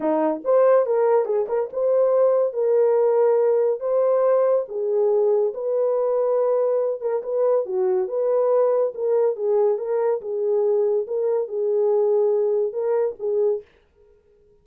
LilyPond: \new Staff \with { instrumentName = "horn" } { \time 4/4 \tempo 4 = 141 dis'4 c''4 ais'4 gis'8 ais'8 | c''2 ais'2~ | ais'4 c''2 gis'4~ | gis'4 b'2.~ |
b'8 ais'8 b'4 fis'4 b'4~ | b'4 ais'4 gis'4 ais'4 | gis'2 ais'4 gis'4~ | gis'2 ais'4 gis'4 | }